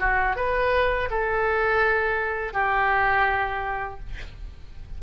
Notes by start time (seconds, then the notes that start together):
0.00 F#4
0.36 B4
1.11 A4
2.53 G4